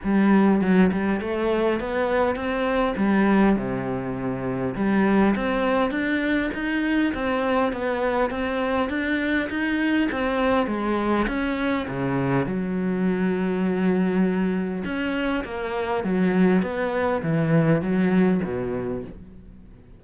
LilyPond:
\new Staff \with { instrumentName = "cello" } { \time 4/4 \tempo 4 = 101 g4 fis8 g8 a4 b4 | c'4 g4 c2 | g4 c'4 d'4 dis'4 | c'4 b4 c'4 d'4 |
dis'4 c'4 gis4 cis'4 | cis4 fis2.~ | fis4 cis'4 ais4 fis4 | b4 e4 fis4 b,4 | }